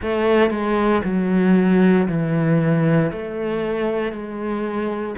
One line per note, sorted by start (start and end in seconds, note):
0.01 0.50 A3
0.50 1.02 G#3
1.03 2.07 F#3
2.08 3.11 E3
3.12 4.11 A3
4.11 5.15 G#3